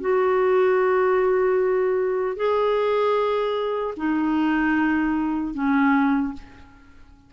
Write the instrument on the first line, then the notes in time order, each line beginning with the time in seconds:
clarinet
0.00 F#4
2.36 G#4
3.96 D#4
5.54 C#4